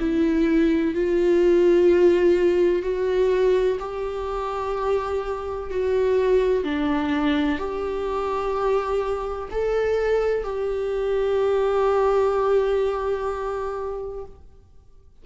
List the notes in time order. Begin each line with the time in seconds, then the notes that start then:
0.00 E4
0.95 F4
2.83 F#4
3.80 G4
5.71 F#4
6.65 D4
7.59 G4
9.52 A4
10.44 G4